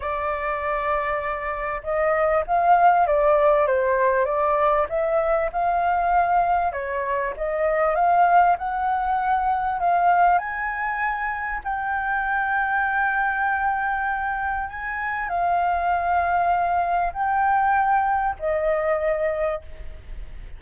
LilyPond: \new Staff \with { instrumentName = "flute" } { \time 4/4 \tempo 4 = 98 d''2. dis''4 | f''4 d''4 c''4 d''4 | e''4 f''2 cis''4 | dis''4 f''4 fis''2 |
f''4 gis''2 g''4~ | g''1 | gis''4 f''2. | g''2 dis''2 | }